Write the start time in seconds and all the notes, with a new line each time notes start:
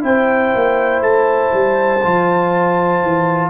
0.00 C4 E4 C5 G5
0.55 A#3
1.01 A3 A5
1.54 G3
2.04 F3 F4
3.03 E3